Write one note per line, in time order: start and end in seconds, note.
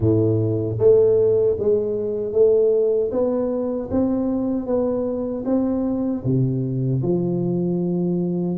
0.00 0.78 A2
0.78 1.56 A3
1.59 2.32 G#3
2.32 3.10 A3
3.11 3.89 B3
3.90 4.66 C4
4.66 5.44 B3
5.45 6.23 C4
6.24 7.02 C3
7.02 8.57 F3